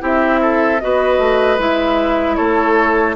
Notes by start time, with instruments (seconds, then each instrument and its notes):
0.00 bassoon C4, clarinet E4, oboe G4, flute E5
0.42 oboe A4
0.80 bassoon B3, clarinet F#4, oboe B4, flute D#5
1.19 bassoon A3
1.59 bassoon G#3, clarinet E4, flute E5
2.36 bassoon A3, oboe A4, flute C#5